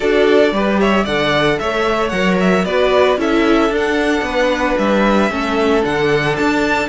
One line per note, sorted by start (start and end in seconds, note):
0.00 0.52 D4
0.00 0.51 F#4
0.00 0.53 A4
0.00 0.78 D5
0.52 1.05 G3
0.52 1.07 G4
0.52 0.80 B4
0.80 1.04 C#5
0.80 1.05 E5
1.04 1.59 D3
1.04 2.13 A4
1.04 1.57 D5
1.04 1.58 F#5
1.58 2.12 A3
1.58 2.65 C#5
1.58 2.08 E5
2.08 2.65 F#3
2.08 2.66 A#4
2.08 2.35 F#5
2.40 2.64 E5
2.64 3.17 B3
2.64 3.17 F#4
2.64 3.18 B4
2.64 3.17 D5
3.17 3.70 C#4
3.17 3.70 E4
3.17 4.25 A4
3.17 3.74 E5
3.70 4.21 D4
3.70 5.30 D4
3.76 4.77 F#5
4.21 4.74 B3
4.21 5.30 B4
4.77 5.30 G3
4.77 5.84 E5
5.30 5.83 A3
5.30 5.81 C#4
5.30 6.88 A4
5.81 6.38 D3
5.81 6.87 D4
5.81 6.36 F#5
6.36 6.88 D4
6.36 6.88 A5